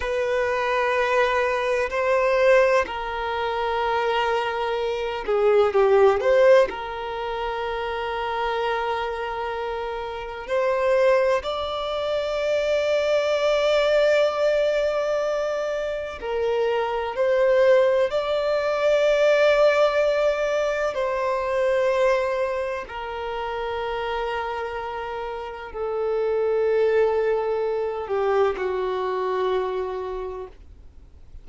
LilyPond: \new Staff \with { instrumentName = "violin" } { \time 4/4 \tempo 4 = 63 b'2 c''4 ais'4~ | ais'4. gis'8 g'8 c''8 ais'4~ | ais'2. c''4 | d''1~ |
d''4 ais'4 c''4 d''4~ | d''2 c''2 | ais'2. a'4~ | a'4. g'8 fis'2 | }